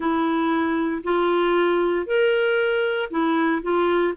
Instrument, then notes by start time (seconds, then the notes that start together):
clarinet
0.00 E4
1.03 F4
2.06 A#4
3.10 E4
3.62 F4